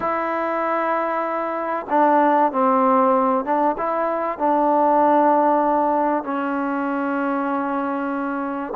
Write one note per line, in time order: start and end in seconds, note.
0.00 1.86 E4
1.89 2.52 D4
2.52 3.44 C4
3.44 3.76 D4
3.77 4.38 E4
4.38 6.23 D4
6.23 8.73 C#4